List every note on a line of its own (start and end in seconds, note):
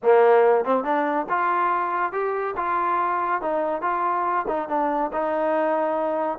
0.02 0.64 A#3
0.64 0.84 C4
0.84 1.26 D4
1.29 2.12 F4
2.12 2.55 G4
2.56 3.41 F4
3.41 3.81 D#4
3.81 4.45 F4
4.47 4.68 D#4
4.68 5.11 D4
5.12 6.38 D#4